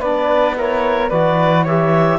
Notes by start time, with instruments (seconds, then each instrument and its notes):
0.00 cello B3, trombone D4, flute B4, clarinet D5
0.56 trombone E4, flute A#4, clarinet C#5
1.09 cello E3, trombone F#4, flute B4, clarinet D5
1.63 trombone G4, flute C#5, clarinet E5